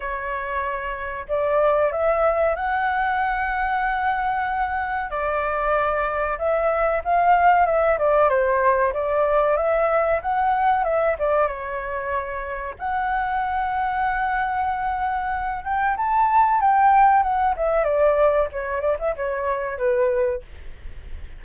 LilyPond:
\new Staff \with { instrumentName = "flute" } { \time 4/4 \tempo 4 = 94 cis''2 d''4 e''4 | fis''1 | d''2 e''4 f''4 | e''8 d''8 c''4 d''4 e''4 |
fis''4 e''8 d''8 cis''2 | fis''1~ | fis''8 g''8 a''4 g''4 fis''8 e''8 | d''4 cis''8 d''16 e''16 cis''4 b'4 | }